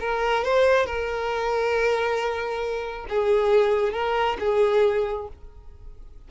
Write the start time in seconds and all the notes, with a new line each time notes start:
0.00 A#4
0.44 C5
0.86 A#4
3.09 G#4
3.93 A#4
4.40 G#4